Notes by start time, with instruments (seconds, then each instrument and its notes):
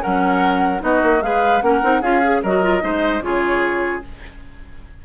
0.00 bassoon F#3, clarinet C#4, oboe A#4, flute F#5
0.80 bassoon B3, clarinet D#4, oboe F#4, flute D#5
1.03 bassoon A#3
1.22 bassoon G#3, clarinet G#4, oboe B4, flute F5
1.62 bassoon A#3, clarinet C#4, oboe A#4, flute F#5
1.82 bassoon C4, clarinet D#4
2.02 bassoon C#4, clarinet F4, oboe G#4, flute F5
2.24 clarinet G#4
2.43 bassoon F#3, clarinet F#4, oboe A#4, flute D#5
2.63 clarinet F4
2.81 bassoon G#3, clarinet D#4, oboe C5
3.21 bassoon C#3, clarinet F4, oboe G#4, flute C#5